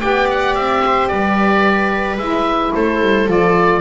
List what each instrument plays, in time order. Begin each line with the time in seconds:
0.00 double bass B3, saxophone G4, viola D5, oboe G5
0.31 oboe F#5
0.55 double bass C4, oboe E5
0.86 viola C5
1.08 double bass G3, viola B4, oboe D5
2.17 double bass G#3, saxophone E4, oboe E5
2.74 double bass A3, viola A4, oboe C5
3.01 double bass G3
3.27 double bass F3, saxophone F4, oboe D5